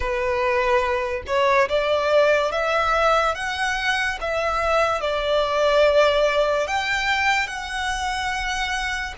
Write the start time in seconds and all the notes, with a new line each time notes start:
0.00 B4
1.26 C#5
1.68 D5
2.51 E5
3.34 F#5
4.20 E5
5.00 D5
6.67 G5
7.47 F#5